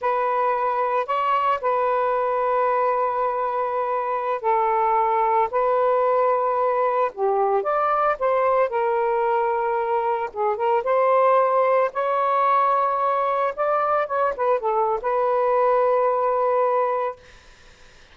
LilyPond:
\new Staff \with { instrumentName = "saxophone" } { \time 4/4 \tempo 4 = 112 b'2 cis''4 b'4~ | b'1~ | b'16 a'2 b'4.~ b'16~ | b'4~ b'16 g'4 d''4 c''8.~ |
c''16 ais'2. gis'8 ais'16~ | ais'16 c''2 cis''4.~ cis''16~ | cis''4~ cis''16 d''4 cis''8 b'8 a'8. | b'1 | }